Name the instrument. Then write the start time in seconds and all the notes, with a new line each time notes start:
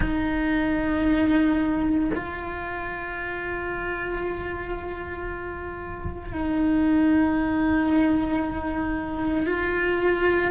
cello
0.00 D#4
2.14 F4
6.32 D#4
9.46 F4